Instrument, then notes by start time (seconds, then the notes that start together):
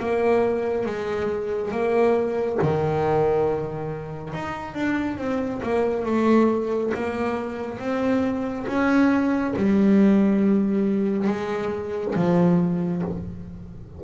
double bass
0.00 A#3
0.86 G#3
1.72 A#3
2.62 D#3
4.34 D#4
4.75 D4
5.18 C4
5.63 A#3
6.06 A3
6.95 A#3
7.79 C4
8.68 C#4
9.57 G3
11.28 G#3
12.16 F3